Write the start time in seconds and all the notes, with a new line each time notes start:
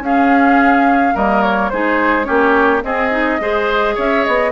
0.00 C#4 G#4 F5
1.15 G3 A#3 A#4 D#5
1.43 C#5
1.70 G#3 D#4 G#4 C5
2.24 A#3 C#4 G4 C#5
2.82 C4 G#4 D#5
3.11 D#4
3.40 G#3 G#4 C5
3.95 C#4 C#5 E5
4.25 B3 D#5